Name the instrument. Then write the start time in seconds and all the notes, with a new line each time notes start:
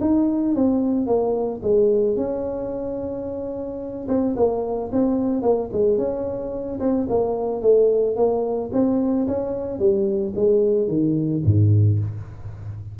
tuba
0.00 D#4
0.55 C4
1.06 A#3
1.62 G#3
2.16 C#4
4.08 C4
4.36 A#3
4.92 C4
5.42 A#3
5.72 G#3
5.97 C#4
6.79 C4
7.09 A#3
7.61 A3
8.16 A#3
8.72 C4
9.27 C#4
9.79 G3
10.35 G#3
10.87 D#3
11.44 G#2